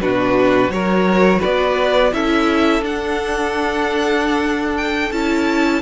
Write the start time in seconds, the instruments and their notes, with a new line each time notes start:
0.00 cello B2, viola D4, violin F#4 B4
0.68 cello F#3, viola F#4, violin A#4 C#5
1.39 cello B3, violin B4 D5
2.12 cello C#4, viola E4, violin A4 E5
2.80 cello D4, viola D4, violin F#5
4.77 violin G5
5.11 cello C#4, viola E4, violin A5